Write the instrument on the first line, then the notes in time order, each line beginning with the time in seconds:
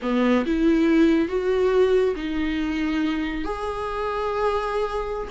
viola
0.02 B3
0.46 E4
1.28 F#4
2.15 D#4
3.44 G#4